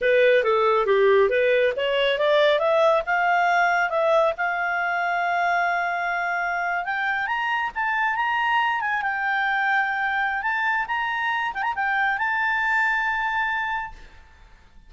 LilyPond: \new Staff \with { instrumentName = "clarinet" } { \time 4/4 \tempo 4 = 138 b'4 a'4 g'4 b'4 | cis''4 d''4 e''4 f''4~ | f''4 e''4 f''2~ | f''2.~ f''8. g''16~ |
g''8. ais''4 a''4 ais''4~ ais''16~ | ais''16 gis''8 g''2.~ g''16 | a''4 ais''4. g''16 ais''16 g''4 | a''1 | }